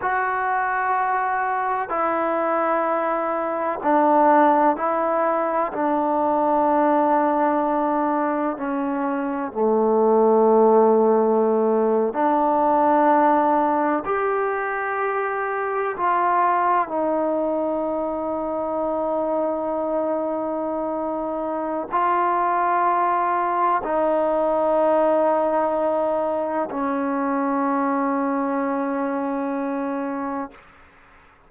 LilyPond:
\new Staff \with { instrumentName = "trombone" } { \time 4/4 \tempo 4 = 63 fis'2 e'2 | d'4 e'4 d'2~ | d'4 cis'4 a2~ | a8. d'2 g'4~ g'16~ |
g'8. f'4 dis'2~ dis'16~ | dis'2. f'4~ | f'4 dis'2. | cis'1 | }